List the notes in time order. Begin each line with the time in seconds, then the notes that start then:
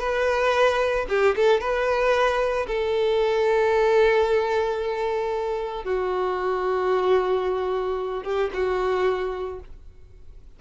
0.00 B4
1.09 G4
1.36 A4
1.60 B4
2.67 A4
5.85 F#4
8.24 G4
8.54 F#4